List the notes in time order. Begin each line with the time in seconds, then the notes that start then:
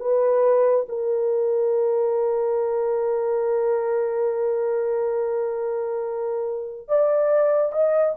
0.00 B4
0.89 A#4
6.88 D5
7.73 D#5